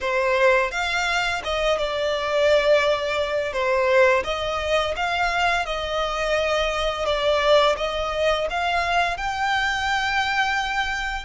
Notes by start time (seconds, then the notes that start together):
0.00 C5
0.71 F5
1.43 D#5
1.77 D5
3.52 C5
4.24 D#5
4.96 F5
5.65 D#5
7.05 D5
7.76 D#5
8.50 F5
9.17 G5